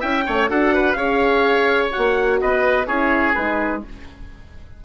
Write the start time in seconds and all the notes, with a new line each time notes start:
0.00 C#4 E4 E5 G5
0.26 A3 C#4 C#5
0.49 D4 F#4 A4 F#5
0.74 B4
0.93 C#4 G#4 C#5 F5
1.91 F#4 F#5
1.98 A#3
2.41 B3 B4 D#5
2.87 C#4 E4 G#4 C#5
3.35 G#3 D#4 B4